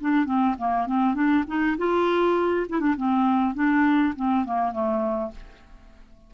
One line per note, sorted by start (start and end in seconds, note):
0.00 0.25 D4
0.25 0.55 C4
0.58 0.86 A#3
0.86 1.14 C4
1.14 1.44 D4
1.47 1.77 D#4
1.78 2.67 F4
2.69 2.80 E4
2.80 2.95 D4
2.97 3.55 C4
3.55 4.14 D4
4.15 4.45 C4
4.45 4.72 A#3
4.72 5.31 A3